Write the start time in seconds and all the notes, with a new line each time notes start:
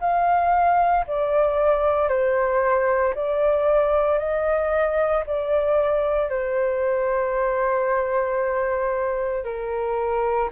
0.00 F5
1.07 D5
2.08 C5
3.14 D5
4.18 D#5
5.26 D5
6.29 C5
9.44 A#4